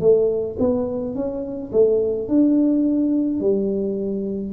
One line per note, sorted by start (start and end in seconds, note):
0.00 0.57 A3
0.59 1.15 B3
1.15 1.71 C#4
1.72 2.28 A3
2.28 3.40 D4
3.40 4.53 G3